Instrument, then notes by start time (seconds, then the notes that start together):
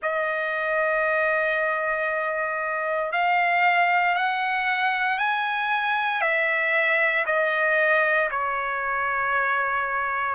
trumpet
0.02 D#5
3.12 F5
4.15 F#5
5.18 G#5
6.21 E5
7.26 D#5
8.30 C#5